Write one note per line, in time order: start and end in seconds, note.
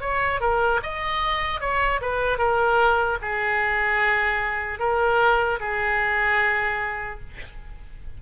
0.00 0.40 C#5
0.40 0.80 A#4
0.83 1.60 D#5
1.60 2.00 C#5
2.01 2.38 B4
2.38 3.18 A#4
3.21 4.79 G#4
4.79 5.59 A#4
5.60 7.20 G#4